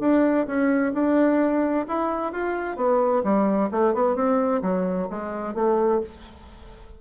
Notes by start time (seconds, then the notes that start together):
0.00 D4
0.47 C#4
0.94 D4
1.88 E4
2.32 F4
2.77 B3
3.24 G3
3.71 A3
3.94 B3
4.15 C4
4.62 F#3
5.10 G#3
5.54 A3